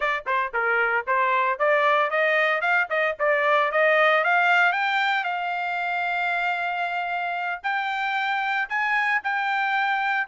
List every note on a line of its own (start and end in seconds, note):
0.00 0.24 D5
0.26 0.52 C5
0.53 1.06 A#4
1.06 1.58 C5
1.58 2.10 D5
2.10 2.61 D#5
2.61 2.87 F5
2.89 3.15 D#5
3.19 3.71 D5
3.71 4.23 D#5
4.23 4.72 F5
4.72 5.23 G5
5.23 7.60 F5
7.63 8.68 G5
8.69 9.21 G#5
9.23 10.27 G5